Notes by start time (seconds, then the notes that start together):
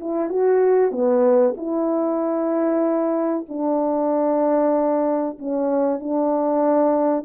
0.00 E4
0.30 F#4
0.92 B3
1.57 E4
3.49 D4
5.39 C#4
6.00 D4